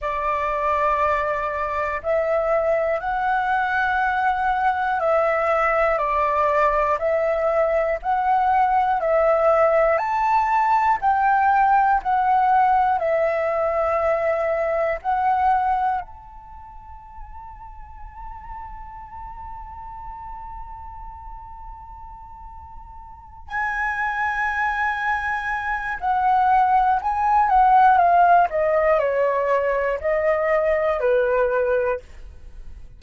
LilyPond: \new Staff \with { instrumentName = "flute" } { \time 4/4 \tempo 4 = 60 d''2 e''4 fis''4~ | fis''4 e''4 d''4 e''4 | fis''4 e''4 a''4 g''4 | fis''4 e''2 fis''4 |
a''1~ | a''2.~ a''8 gis''8~ | gis''2 fis''4 gis''8 fis''8 | f''8 dis''8 cis''4 dis''4 b'4 | }